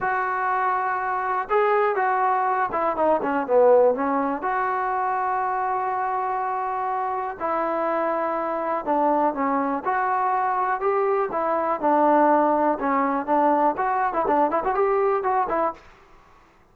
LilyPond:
\new Staff \with { instrumentName = "trombone" } { \time 4/4 \tempo 4 = 122 fis'2. gis'4 | fis'4. e'8 dis'8 cis'8 b4 | cis'4 fis'2.~ | fis'2. e'4~ |
e'2 d'4 cis'4 | fis'2 g'4 e'4 | d'2 cis'4 d'4 | fis'8. e'16 d'8 e'16 fis'16 g'4 fis'8 e'8 | }